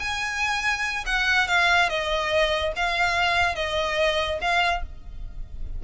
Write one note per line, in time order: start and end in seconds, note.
0.00 1.05 G#5
1.06 1.48 F#5
1.48 1.89 F5
1.89 2.73 D#5
2.76 3.56 F5
3.56 4.40 D#5
4.42 4.83 F5